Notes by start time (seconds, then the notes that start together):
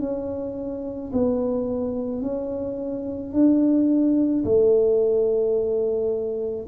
0.00 C#4
1.13 B3
2.22 C#4
3.33 D4
4.44 A3